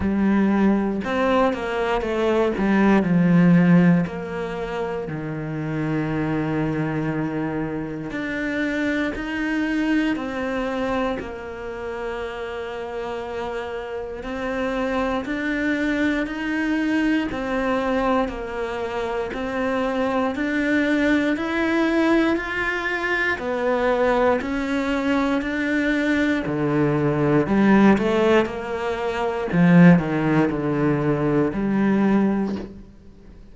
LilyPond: \new Staff \with { instrumentName = "cello" } { \time 4/4 \tempo 4 = 59 g4 c'8 ais8 a8 g8 f4 | ais4 dis2. | d'4 dis'4 c'4 ais4~ | ais2 c'4 d'4 |
dis'4 c'4 ais4 c'4 | d'4 e'4 f'4 b4 | cis'4 d'4 d4 g8 a8 | ais4 f8 dis8 d4 g4 | }